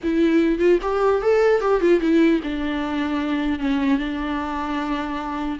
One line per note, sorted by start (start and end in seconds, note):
0.03 0.58 E4
0.58 0.78 F4
0.82 1.22 G4
1.22 1.60 A4
1.60 1.80 G4
1.80 2.00 F4
2.00 2.40 E4
2.43 3.59 D4
3.59 3.98 C#4
3.98 5.58 D4